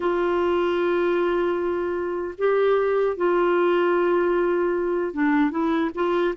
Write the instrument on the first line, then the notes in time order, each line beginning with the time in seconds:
clarinet
0.00 F4
2.38 G4
3.17 F4
5.13 D4
5.50 E4
5.95 F4